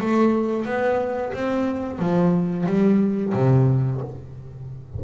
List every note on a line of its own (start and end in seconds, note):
0.00 0.65 A3
0.65 1.33 B3
1.33 1.99 C4
1.99 2.66 F3
2.66 3.33 G3
3.33 4.01 C3